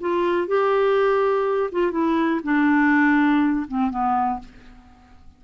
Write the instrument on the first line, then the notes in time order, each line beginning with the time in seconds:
clarinet
0.00 F4
0.47 G4
1.72 F4
1.91 E4
2.43 D4
3.68 C4
3.90 B3